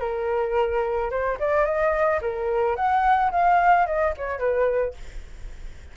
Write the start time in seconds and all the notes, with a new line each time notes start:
0.00 A#4
1.10 C5
1.39 D5
1.65 D#5
2.21 A#4
2.76 F#5
3.31 F5
3.86 D#5
4.17 C#5
4.39 B4